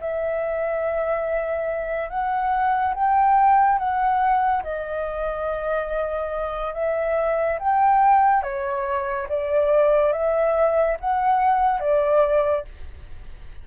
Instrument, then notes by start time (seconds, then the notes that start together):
flute
0.00 E5
2.09 F#5
2.94 G5
3.78 F#5
4.63 D#5
6.74 E5
7.59 G5
8.42 C#5
9.29 D5
10.13 E5
11.00 F#5
11.80 D5